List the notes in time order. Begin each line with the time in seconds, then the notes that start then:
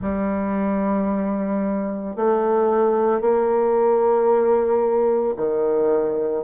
0.01 G3
2.15 A3
3.20 A#3
5.36 D#3